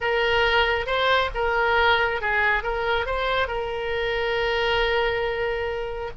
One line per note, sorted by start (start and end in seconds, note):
0.00 0.86 A#4
0.86 1.30 C5
1.34 2.21 A#4
2.21 2.63 G#4
2.63 3.06 A#4
3.06 3.47 C5
3.47 6.10 A#4